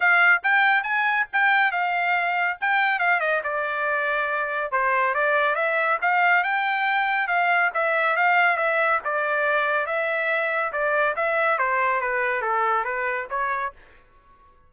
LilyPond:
\new Staff \with { instrumentName = "trumpet" } { \time 4/4 \tempo 4 = 140 f''4 g''4 gis''4 g''4 | f''2 g''4 f''8 dis''8 | d''2. c''4 | d''4 e''4 f''4 g''4~ |
g''4 f''4 e''4 f''4 | e''4 d''2 e''4~ | e''4 d''4 e''4 c''4 | b'4 a'4 b'4 cis''4 | }